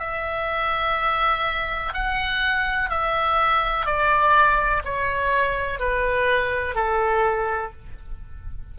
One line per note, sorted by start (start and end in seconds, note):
0.00 1.94 E5
1.94 2.90 F#5
2.90 3.86 E5
3.86 4.83 D5
4.85 5.80 C#5
5.80 6.76 B4
6.76 7.72 A4